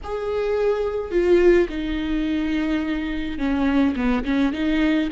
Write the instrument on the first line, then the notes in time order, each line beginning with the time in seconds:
viola
0.03 G#4
1.11 F4
1.69 D#4
3.38 C#4
3.95 B3
4.24 C#4
4.53 D#4